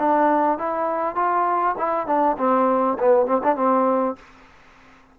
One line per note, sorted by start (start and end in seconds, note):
0.00 0.59 D4
0.59 1.16 E4
1.16 1.76 F4
1.78 2.07 E4
2.07 2.37 D4
2.38 2.98 C4
2.99 3.27 B3
3.27 3.42 C4
3.44 3.56 D4
3.56 4.16 C4